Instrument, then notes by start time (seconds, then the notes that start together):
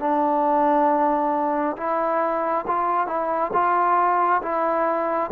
trombone
0.00 D4
1.77 E4
2.68 F4
3.07 E4
3.54 F4
4.43 E4